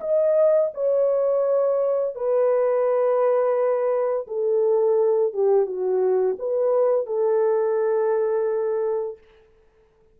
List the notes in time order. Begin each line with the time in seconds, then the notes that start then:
0.00 D#5
0.74 C#5
2.15 B4
4.27 A4
5.33 G4
5.66 F#4
6.39 B4
7.06 A4